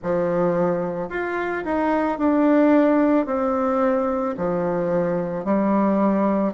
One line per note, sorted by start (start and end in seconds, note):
0.02 1.09 F3
1.09 1.64 F4
1.64 2.18 D#4
2.18 3.26 D4
3.26 4.35 C4
4.37 5.44 F3
5.44 6.53 G3